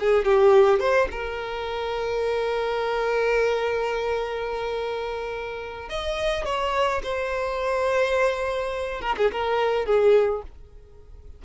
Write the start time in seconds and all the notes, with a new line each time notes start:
0.00 G#4
0.25 G4
0.80 C5
1.11 A#4
5.90 D#5
6.46 C#5
7.04 C5
9.02 A#4
9.17 G#4
9.32 A#4
9.86 G#4